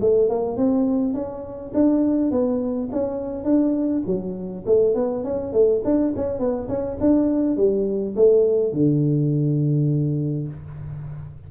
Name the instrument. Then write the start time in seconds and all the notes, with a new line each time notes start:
tuba
0.00 A3
0.29 A#3
0.56 C4
1.14 C#4
1.74 D4
2.31 B3
2.92 C#4
3.44 D4
4.06 F#3
4.66 A3
4.95 B3
5.24 C#4
5.53 A3
5.84 D4
6.16 C#4
6.39 B3
6.68 C#4
7.00 D4
7.57 G3
8.16 A3
8.72 D3